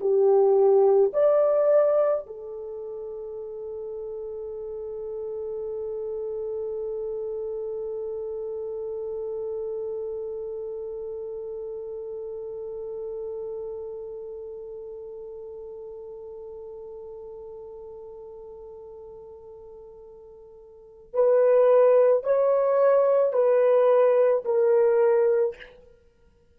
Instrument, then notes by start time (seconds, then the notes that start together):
horn
0.00 G4
1.13 D5
2.26 A4
21.13 B4
22.23 C#5
23.32 B4
24.44 A#4